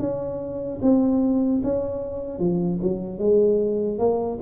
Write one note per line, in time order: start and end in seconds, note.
0.00 0.80 C#4
0.82 1.62 C4
1.64 2.39 C#4
2.39 2.79 F3
2.83 3.19 F#3
3.19 3.99 G#3
3.99 4.39 A#3